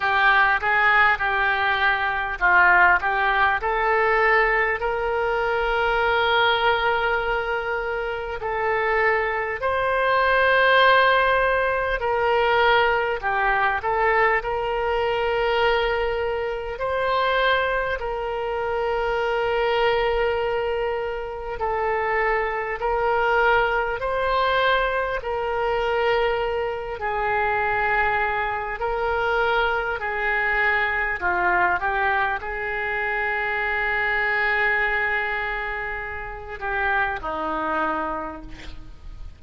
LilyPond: \new Staff \with { instrumentName = "oboe" } { \time 4/4 \tempo 4 = 50 g'8 gis'8 g'4 f'8 g'8 a'4 | ais'2. a'4 | c''2 ais'4 g'8 a'8 | ais'2 c''4 ais'4~ |
ais'2 a'4 ais'4 | c''4 ais'4. gis'4. | ais'4 gis'4 f'8 g'8 gis'4~ | gis'2~ gis'8 g'8 dis'4 | }